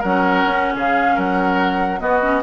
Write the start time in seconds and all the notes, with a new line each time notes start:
0.00 F#3 C#4 A#4 F#5
0.45 C#4
0.75 C#3 G#4 F5
1.16 F#3 A#4 F#5
2.00 B3 F#4 D#5
2.22 C#4